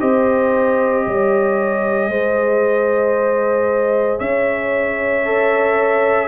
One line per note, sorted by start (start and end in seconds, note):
0.00 1.06 C4
0.00 2.11 G4
0.00 1.06 C5
0.00 4.20 D#5
1.06 2.09 G3
1.06 2.11 C#5
2.09 4.19 G#3
2.09 5.25 G#4
2.09 4.20 C5
4.20 6.29 C#4
4.20 6.29 C#5
4.20 6.29 E5
5.25 6.29 A4